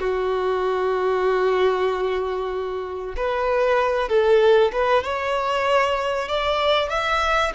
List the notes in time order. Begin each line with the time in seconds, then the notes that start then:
0.00 F#4
3.17 B4
4.09 A4
4.73 B4
5.04 C#5
6.29 D5
6.90 E5